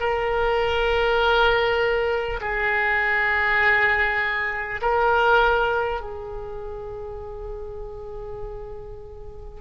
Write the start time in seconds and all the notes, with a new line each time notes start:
0.00 A#4
2.41 G#4
4.82 A#4
6.01 G#4